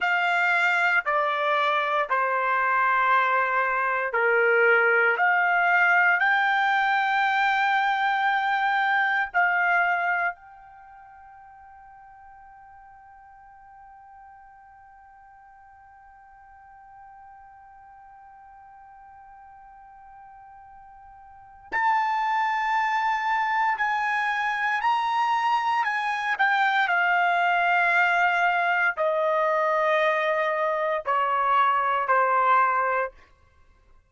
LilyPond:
\new Staff \with { instrumentName = "trumpet" } { \time 4/4 \tempo 4 = 58 f''4 d''4 c''2 | ais'4 f''4 g''2~ | g''4 f''4 g''2~ | g''1~ |
g''1~ | g''4 a''2 gis''4 | ais''4 gis''8 g''8 f''2 | dis''2 cis''4 c''4 | }